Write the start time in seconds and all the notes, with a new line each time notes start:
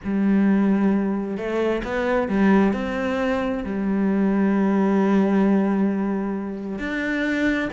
0.03 G3
1.37 A3
1.84 B3
2.28 G3
2.73 C4
3.64 G3
6.78 D4